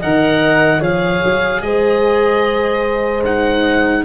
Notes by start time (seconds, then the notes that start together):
0.00 D#3 A#4 D#5 F#5
0.80 F3 G#4 C#5 F5
1.24 F#3
1.61 G#3 C5 D#5
3.24 D#4 F#5